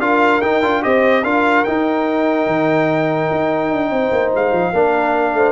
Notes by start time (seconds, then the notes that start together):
0.00 D4 F4 A#4 F5
0.42 D#4 G5
0.63 D4 F4
0.83 C4 G4 C5 D#5
1.24 D4 F4 A#4 F5
1.65 D#4 G5
2.47 D#3
3.31 D#4
3.71 D4
3.90 C4 C5
4.12 A#3
4.35 G#3 F5
4.53 F3
4.73 A#3 D4 A#4
5.34 A3 C5